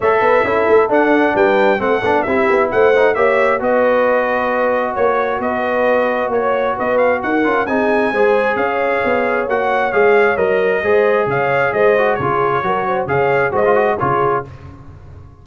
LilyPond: <<
  \new Staff \with { instrumentName = "trumpet" } { \time 4/4 \tempo 4 = 133 e''2 fis''4 g''4 | fis''4 e''4 fis''4 e''4 | dis''2. cis''4 | dis''2 cis''4 dis''8 f''8 |
fis''4 gis''2 f''4~ | f''4 fis''4 f''4 dis''4~ | dis''4 f''4 dis''4 cis''4~ | cis''4 f''4 dis''4 cis''4 | }
  \new Staff \with { instrumentName = "horn" } { \time 4/4 cis''8 b'8 a'2 b'4 | a'4 g'4 c''4 cis''4 | b'2. cis''4 | b'2 cis''4 b'4 |
ais'4 gis'4 c''4 cis''4~ | cis''1 | c''4 cis''4 c''4 gis'4 | ais'8 c''8 cis''4 c''4 gis'4 | }
  \new Staff \with { instrumentName = "trombone" } { \time 4/4 a'4 e'4 d'2 | c'8 d'8 e'4. dis'8 g'4 | fis'1~ | fis'1~ |
fis'8 f'8 dis'4 gis'2~ | gis'4 fis'4 gis'4 ais'4 | gis'2~ gis'8 fis'8 f'4 | fis'4 gis'4 fis'16 f'16 fis'8 f'4 | }
  \new Staff \with { instrumentName = "tuba" } { \time 4/4 a8 b8 cis'8 a8 d'4 g4 | a8 b8 c'8 b8 a4 ais4 | b2. ais4 | b2 ais4 b4 |
dis'8 cis'8 c'4 gis4 cis'4 | b4 ais4 gis4 fis4 | gis4 cis4 gis4 cis4 | fis4 cis4 gis4 cis4 | }
>>